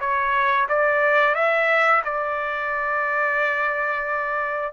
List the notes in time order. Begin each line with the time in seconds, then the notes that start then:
0.00 C#5
0.69 D5
1.35 E5
2.04 D5